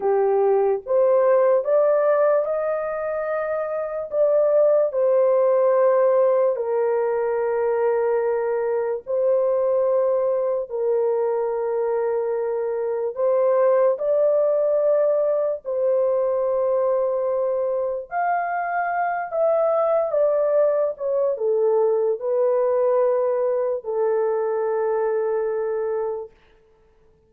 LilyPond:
\new Staff \with { instrumentName = "horn" } { \time 4/4 \tempo 4 = 73 g'4 c''4 d''4 dis''4~ | dis''4 d''4 c''2 | ais'2. c''4~ | c''4 ais'2. |
c''4 d''2 c''4~ | c''2 f''4. e''8~ | e''8 d''4 cis''8 a'4 b'4~ | b'4 a'2. | }